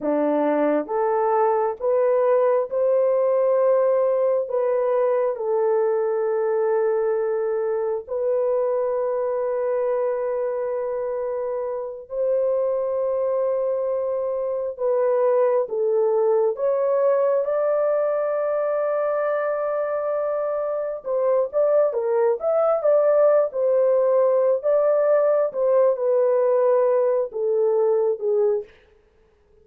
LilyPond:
\new Staff \with { instrumentName = "horn" } { \time 4/4 \tempo 4 = 67 d'4 a'4 b'4 c''4~ | c''4 b'4 a'2~ | a'4 b'2.~ | b'4. c''2~ c''8~ |
c''8 b'4 a'4 cis''4 d''8~ | d''2.~ d''8 c''8 | d''8 ais'8 e''8 d''8. c''4~ c''16 d''8~ | d''8 c''8 b'4. a'4 gis'8 | }